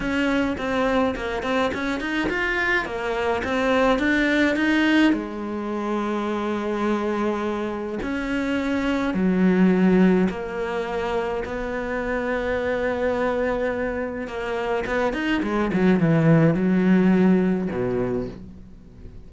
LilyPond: \new Staff \with { instrumentName = "cello" } { \time 4/4 \tempo 4 = 105 cis'4 c'4 ais8 c'8 cis'8 dis'8 | f'4 ais4 c'4 d'4 | dis'4 gis2.~ | gis2 cis'2 |
fis2 ais2 | b1~ | b4 ais4 b8 dis'8 gis8 fis8 | e4 fis2 b,4 | }